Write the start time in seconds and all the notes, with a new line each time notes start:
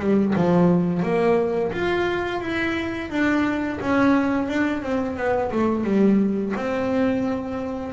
0.00 G3
0.36 F3
1.03 A#3
1.72 F4
2.41 E4
3.10 D4
3.81 C#4
4.48 D4
4.83 C4
5.17 B3
5.52 A3
5.84 G3
6.56 C4